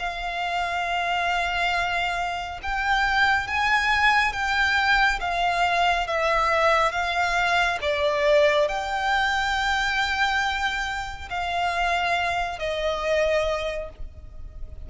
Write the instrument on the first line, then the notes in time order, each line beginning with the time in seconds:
violin
0.00 F5
2.63 G5
3.48 G#5
4.33 G5
5.21 F5
6.08 E5
6.92 F5
7.82 D5
8.69 G5
11.30 F5
12.59 D#5